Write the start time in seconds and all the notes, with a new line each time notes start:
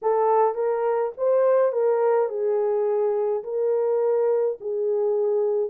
0.02 A4
0.55 A#4
1.17 C5
1.72 A#4
2.29 G#4
3.43 A#4
4.60 G#4